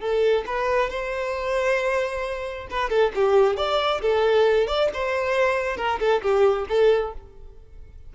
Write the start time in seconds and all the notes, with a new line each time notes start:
0.00 A4
0.46 B4
0.90 C5
2.70 B4
2.90 A4
3.15 G4
3.57 D5
4.02 A4
4.67 D5
4.94 C5
5.77 A#4
5.99 A4
6.22 G4
6.68 A4